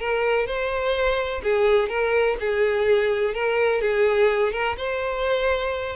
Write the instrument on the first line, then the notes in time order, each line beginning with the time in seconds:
violin
0.00 A#4
0.47 C5
1.43 G#4
1.89 A#4
2.40 G#4
3.34 A#4
3.81 G#4
4.53 A#4
4.77 C5